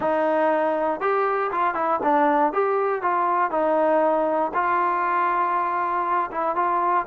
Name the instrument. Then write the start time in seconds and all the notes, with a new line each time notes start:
trombone
0.00 D#4
1.00 G4
1.51 F4
1.74 E4
2.03 D4
2.52 G4
3.01 F4
3.50 D#4
4.54 F4
6.31 E4
6.55 F4